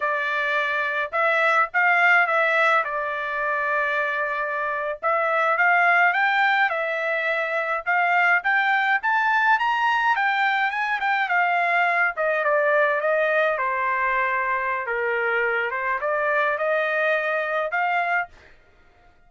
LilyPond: \new Staff \with { instrumentName = "trumpet" } { \time 4/4 \tempo 4 = 105 d''2 e''4 f''4 | e''4 d''2.~ | d''8. e''4 f''4 g''4 e''16~ | e''4.~ e''16 f''4 g''4 a''16~ |
a''8. ais''4 g''4 gis''8 g''8 f''16~ | f''4~ f''16 dis''8 d''4 dis''4 c''16~ | c''2 ais'4. c''8 | d''4 dis''2 f''4 | }